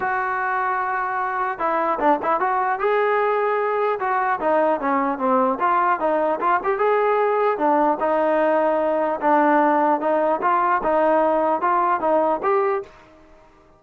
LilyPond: \new Staff \with { instrumentName = "trombone" } { \time 4/4 \tempo 4 = 150 fis'1 | e'4 d'8 e'8 fis'4 gis'4~ | gis'2 fis'4 dis'4 | cis'4 c'4 f'4 dis'4 |
f'8 g'8 gis'2 d'4 | dis'2. d'4~ | d'4 dis'4 f'4 dis'4~ | dis'4 f'4 dis'4 g'4 | }